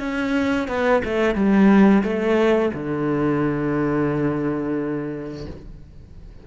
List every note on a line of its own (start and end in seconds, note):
0.00 0.68 C#4
0.68 1.02 B3
1.05 1.35 A3
1.35 2.04 G3
2.04 2.72 A3
2.74 5.47 D3